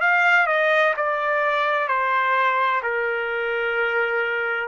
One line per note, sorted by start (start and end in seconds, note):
0.00 0.46 F5
0.46 0.93 D#5
0.96 1.87 D5
1.87 2.81 C5
2.82 4.67 A#4